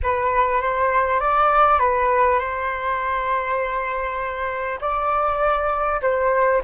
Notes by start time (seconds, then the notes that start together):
0.02 B4
0.61 C5
1.19 D5
1.79 B4
2.39 C5
4.80 D5
6.02 C5